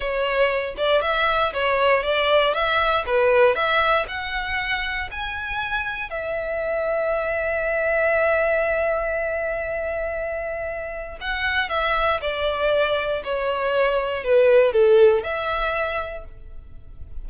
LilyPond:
\new Staff \with { instrumentName = "violin" } { \time 4/4 \tempo 4 = 118 cis''4. d''8 e''4 cis''4 | d''4 e''4 b'4 e''4 | fis''2 gis''2 | e''1~ |
e''1~ | e''2 fis''4 e''4 | d''2 cis''2 | b'4 a'4 e''2 | }